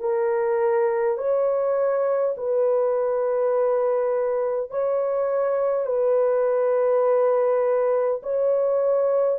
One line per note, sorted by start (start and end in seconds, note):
0.00 1.18 A#4
1.18 2.35 C#5
2.37 4.71 B4
4.71 5.86 C#5
5.86 8.21 B4
8.23 9.39 C#5